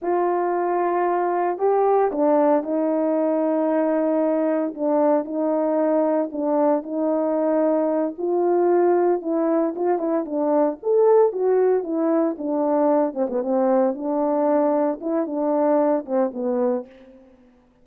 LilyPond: \new Staff \with { instrumentName = "horn" } { \time 4/4 \tempo 4 = 114 f'2. g'4 | d'4 dis'2.~ | dis'4 d'4 dis'2 | d'4 dis'2~ dis'8 f'8~ |
f'4. e'4 f'8 e'8 d'8~ | d'8 a'4 fis'4 e'4 d'8~ | d'4 c'16 b16 c'4 d'4.~ | d'8 e'8 d'4. c'8 b4 | }